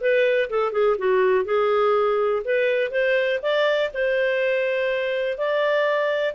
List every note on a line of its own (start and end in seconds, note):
0.00 0.49 B4
0.49 0.72 A4
0.72 0.96 G#4
0.98 1.45 F#4
1.45 2.42 G#4
2.44 2.91 B4
2.91 3.39 C5
3.42 3.90 D5
3.94 5.37 C5
5.37 6.34 D5